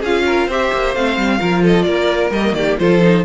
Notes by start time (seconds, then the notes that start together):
0.00 C#4 F4 G#4 F5
0.26 A#4
0.47 C4 G4 C5 E5
0.73 A#3
0.94 A3 C4 F5
1.17 G3
1.39 F3 F4 A#4
1.63 A4 D#5
1.82 A#3 A#4 D5
2.30 G3 A#3 D#5
2.53 D#3 G4 D5
2.79 F3 F4 A4 C5
3.01 D#4